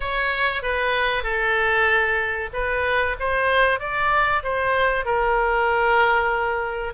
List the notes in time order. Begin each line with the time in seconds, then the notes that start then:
0.00 C#5
0.62 B4
1.23 A4
2.53 B4
3.19 C5
3.79 D5
4.43 C5
5.05 A#4